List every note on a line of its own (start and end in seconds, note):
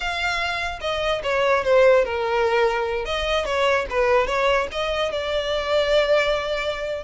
0.00 0.79 F5
0.80 1.21 D#5
1.23 1.63 C#5
1.63 2.04 C5
2.05 3.05 A#4
3.05 3.45 D#5
3.45 3.86 C#5
3.90 4.26 B4
4.26 4.67 C#5
4.71 5.11 D#5
5.11 7.03 D5